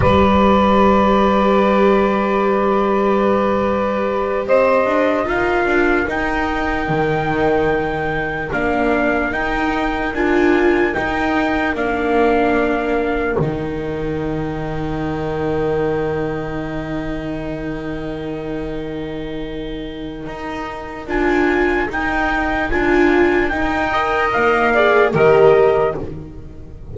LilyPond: <<
  \new Staff \with { instrumentName = "trumpet" } { \time 4/4 \tempo 4 = 74 d''1~ | d''4. dis''4 f''4 g''8~ | g''2~ g''8 f''4 g''8~ | g''8 gis''4 g''4 f''4.~ |
f''8 g''2.~ g''8~ | g''1~ | g''2 gis''4 g''4 | gis''4 g''4 f''4 dis''4 | }
  \new Staff \with { instrumentName = "saxophone" } { \time 4/4 b'1~ | b'4. c''4 ais'4.~ | ais'1~ | ais'1~ |
ais'1~ | ais'1~ | ais'1~ | ais'4. dis''4 d''8 ais'4 | }
  \new Staff \with { instrumentName = "viola" } { \time 4/4 g'1~ | g'2~ g'8 f'4 dis'8~ | dis'2~ dis'8 d'4 dis'8~ | dis'8 f'4 dis'4 d'4.~ |
d'8 dis'2.~ dis'8~ | dis'1~ | dis'2 f'4 dis'4 | f'4 dis'8 ais'4 gis'8 g'4 | }
  \new Staff \with { instrumentName = "double bass" } { \time 4/4 g1~ | g4. c'8 d'8 dis'8 d'8 dis'8~ | dis'8 dis2 ais4 dis'8~ | dis'8 d'4 dis'4 ais4.~ |
ais8 dis2.~ dis8~ | dis1~ | dis4 dis'4 d'4 dis'4 | d'4 dis'4 ais4 dis4 | }
>>